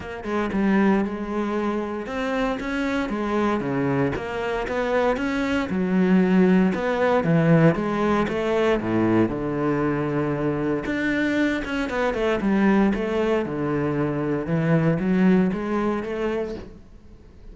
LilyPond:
\new Staff \with { instrumentName = "cello" } { \time 4/4 \tempo 4 = 116 ais8 gis8 g4 gis2 | c'4 cis'4 gis4 cis4 | ais4 b4 cis'4 fis4~ | fis4 b4 e4 gis4 |
a4 a,4 d2~ | d4 d'4. cis'8 b8 a8 | g4 a4 d2 | e4 fis4 gis4 a4 | }